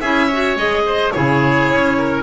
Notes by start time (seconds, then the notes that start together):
0.00 C#4 E4 G#4 E5
0.27 F#4 C#5
0.56 G#3 G#4 D#5
0.85 C5
1.11 C#3 E4 G#4 C#5
1.71 C#4
1.97 A#4